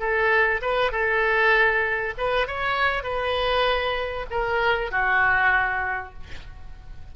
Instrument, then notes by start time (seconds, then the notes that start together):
oboe
0.00 A4
0.62 B4
0.92 A4
2.18 B4
2.47 C#5
3.04 B4
4.31 A#4
4.91 F#4